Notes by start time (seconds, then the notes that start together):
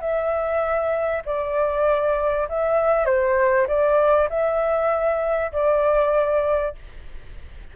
0.00 E5
1.25 D5
2.48 E5
3.05 C5
3.67 D5
4.29 E5
5.52 D5